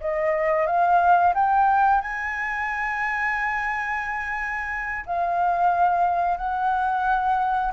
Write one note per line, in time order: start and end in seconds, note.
0.00 0.66 D#5
0.66 1.34 F5
1.35 2.01 G5
2.01 5.04 G#5
5.06 6.37 F5
6.37 7.72 F#5